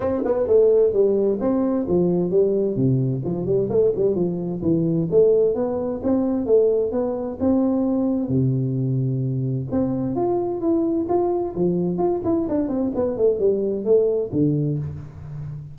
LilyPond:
\new Staff \with { instrumentName = "tuba" } { \time 4/4 \tempo 4 = 130 c'8 b8 a4 g4 c'4 | f4 g4 c4 f8 g8 | a8 g8 f4 e4 a4 | b4 c'4 a4 b4 |
c'2 c2~ | c4 c'4 f'4 e'4 | f'4 f4 f'8 e'8 d'8 c'8 | b8 a8 g4 a4 d4 | }